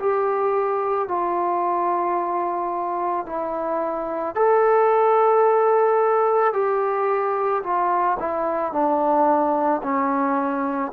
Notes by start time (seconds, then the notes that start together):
0.00 G4
1.09 F4
3.27 E4
4.36 A4
6.54 G4
7.64 F4
8.20 E4
8.73 D4
9.83 C#4